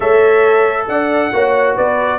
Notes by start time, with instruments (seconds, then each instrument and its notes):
0.00 tuba A3, trombone A4, horn C#5, trumpet E5
0.88 tuba D4, horn D5, trumpet F#5
1.33 tuba A#3, trombone F#4, horn C#5
1.75 tuba B3, horn B4, trumpet D5